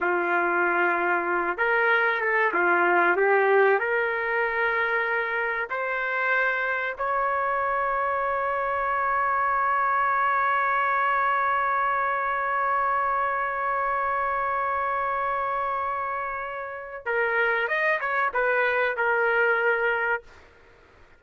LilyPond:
\new Staff \with { instrumentName = "trumpet" } { \time 4/4 \tempo 4 = 95 f'2~ f'8 ais'4 a'8 | f'4 g'4 ais'2~ | ais'4 c''2 cis''4~ | cis''1~ |
cis''1~ | cis''1~ | cis''2. ais'4 | dis''8 cis''8 b'4 ais'2 | }